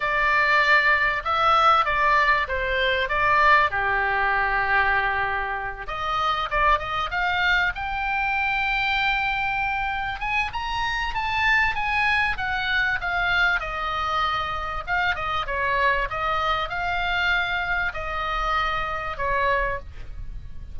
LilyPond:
\new Staff \with { instrumentName = "oboe" } { \time 4/4 \tempo 4 = 97 d''2 e''4 d''4 | c''4 d''4 g'2~ | g'4. dis''4 d''8 dis''8 f''8~ | f''8 g''2.~ g''8~ |
g''8 gis''8 ais''4 a''4 gis''4 | fis''4 f''4 dis''2 | f''8 dis''8 cis''4 dis''4 f''4~ | f''4 dis''2 cis''4 | }